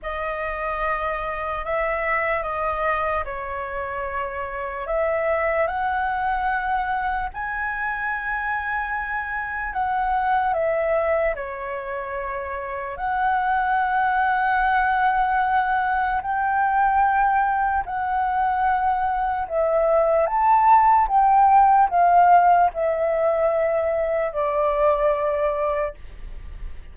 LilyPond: \new Staff \with { instrumentName = "flute" } { \time 4/4 \tempo 4 = 74 dis''2 e''4 dis''4 | cis''2 e''4 fis''4~ | fis''4 gis''2. | fis''4 e''4 cis''2 |
fis''1 | g''2 fis''2 | e''4 a''4 g''4 f''4 | e''2 d''2 | }